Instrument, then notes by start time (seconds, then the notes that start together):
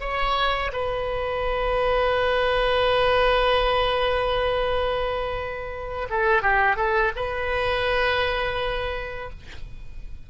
oboe
0.00 C#5
0.72 B4
6.10 A4
6.42 G4
6.76 A4
7.16 B4